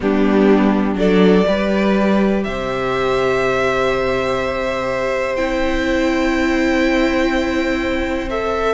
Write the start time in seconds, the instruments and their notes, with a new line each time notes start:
0.00 cello G3, viola B3, violin D4 G4
0.95 cello F#3, viola D4, violin A4 D5
1.46 cello G3, viola G4, violin B4
2.43 cello C3, violin C5 E5
5.36 cello C4, viola E4, violin G5
8.29 viola A4, violin E5